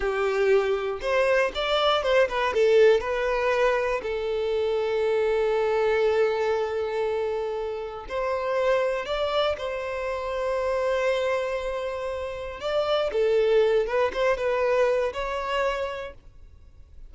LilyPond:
\new Staff \with { instrumentName = "violin" } { \time 4/4 \tempo 4 = 119 g'2 c''4 d''4 | c''8 b'8 a'4 b'2 | a'1~ | a'1 |
c''2 d''4 c''4~ | c''1~ | c''4 d''4 a'4. b'8 | c''8 b'4. cis''2 | }